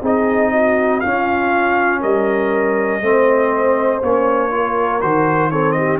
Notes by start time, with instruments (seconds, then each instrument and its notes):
0.00 tuba C4, trombone D#4, horn G#4, trumpet D#5
0.52 horn F#4
1.00 trombone C#4, tuba C#4, horn F4, trumpet F5
2.00 tuba G3, horn A#4, trumpet D#5
3.01 tuba A3, trombone C4, horn C5
4.02 tuba A#3, trombone C#4, trumpet C#5
4.50 trombone F4, horn A#4
5.01 tuba D#3, trombone F#4, trumpet C5
5.51 trombone C4, horn A4, trumpet C#5
5.71 horn G4, trumpet D#5